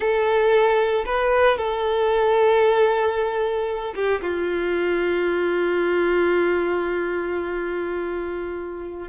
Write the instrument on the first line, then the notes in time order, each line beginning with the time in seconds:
violin
0.00 A4
1.05 B4
1.57 A4
3.95 G4
4.21 F4